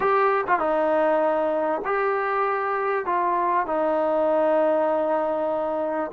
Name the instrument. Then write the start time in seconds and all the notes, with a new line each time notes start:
trombone
0.00 G4
0.47 F4
0.59 D#4
1.84 G4
3.05 F4
3.66 D#4